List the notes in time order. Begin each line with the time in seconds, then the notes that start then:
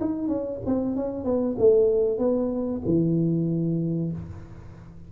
0.00 D#4
0.28 C#4
0.65 C4
0.96 C#4
1.24 B3
1.58 A3
2.18 B3
2.85 E3